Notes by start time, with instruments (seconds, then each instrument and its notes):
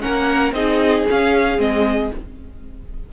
0.00 viola C#4, violin A#4 F#5
0.06 cello A#3
0.52 cello C4, viola D#4, violin G#4 D#5
1.09 viola C#4, cello C#4, violin F5
1.58 cello G#3, viola C4, violin D#5